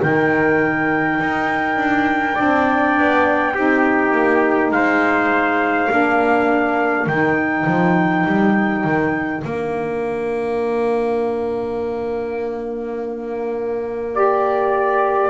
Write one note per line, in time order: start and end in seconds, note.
0.00 1.20 D#3
0.00 2.34 D#4
0.00 2.35 A#4
0.00 4.73 G5
1.20 1.77 D#4
1.77 2.36 D4
2.34 2.99 C4
2.34 3.52 D4
2.34 3.53 D5
2.99 3.56 B3
3.54 4.12 C4
3.54 5.89 D#4
3.54 4.73 G4
4.12 4.71 A#3
4.71 5.89 G#3
4.71 5.90 C5
4.71 7.08 F5
5.89 7.07 A#3
5.89 7.07 D4
5.89 15.30 A#4
7.07 7.66 D#3
7.07 9.43 D#4
7.07 9.44 G5
7.67 8.26 F3
8.26 8.85 G3
8.85 9.43 D#3
9.43 15.30 A#3
9.43 14.13 D4
9.43 14.15 F5
14.13 15.30 G4
14.13 15.30 D5